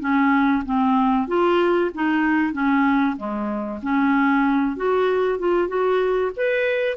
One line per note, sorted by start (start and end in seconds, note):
0.00 0.63 C#4
0.65 1.28 C4
1.28 1.91 F4
1.95 2.53 D#4
2.53 3.16 C#4
3.17 3.80 G#3
3.82 4.77 C#4
4.77 5.39 F#4
5.39 5.68 F4
5.68 6.31 F#4
6.36 6.97 B4